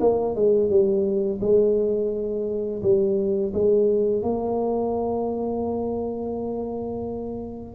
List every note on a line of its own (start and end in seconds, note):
0.00 0.35 A#3
0.35 0.69 G#3
0.69 1.40 G3
1.41 2.82 G#3
2.82 3.53 G3
3.54 4.22 G#3
4.22 7.75 A#3